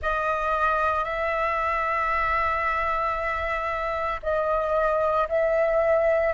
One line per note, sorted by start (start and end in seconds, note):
0.01 1.04 D#5
1.04 4.20 E5
4.22 5.28 D#5
5.29 6.33 E5